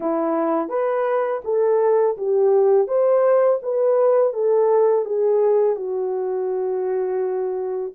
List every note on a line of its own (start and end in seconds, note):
0.00 0.69 E4
0.69 1.41 B4
1.44 2.17 A4
2.17 2.87 G4
2.87 3.59 C5
3.62 4.33 B4
4.33 5.05 A4
5.05 5.76 G#4
5.76 7.93 F#4